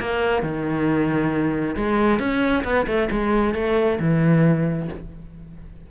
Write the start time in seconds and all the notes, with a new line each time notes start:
0.00 A#3
0.42 D#3
1.76 G#3
2.20 C#4
2.64 B3
2.87 A3
3.12 G#3
3.55 A3
4.00 E3